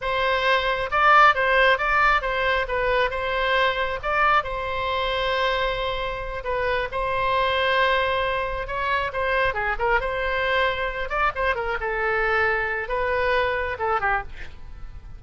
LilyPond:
\new Staff \with { instrumentName = "oboe" } { \time 4/4 \tempo 4 = 135 c''2 d''4 c''4 | d''4 c''4 b'4 c''4~ | c''4 d''4 c''2~ | c''2~ c''8 b'4 c''8~ |
c''2.~ c''8 cis''8~ | cis''8 c''4 gis'8 ais'8 c''4.~ | c''4 d''8 c''8 ais'8 a'4.~ | a'4 b'2 a'8 g'8 | }